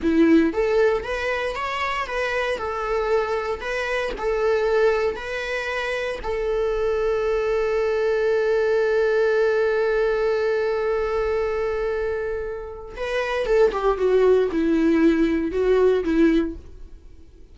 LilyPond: \new Staff \with { instrumentName = "viola" } { \time 4/4 \tempo 4 = 116 e'4 a'4 b'4 cis''4 | b'4 a'2 b'4 | a'2 b'2 | a'1~ |
a'1~ | a'1~ | a'4 b'4 a'8 g'8 fis'4 | e'2 fis'4 e'4 | }